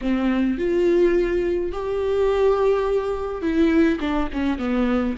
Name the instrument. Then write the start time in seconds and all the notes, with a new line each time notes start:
viola
0.01 C4
0.58 F4
1.71 G4
3.41 E4
3.99 D4
4.32 C#4
4.58 B3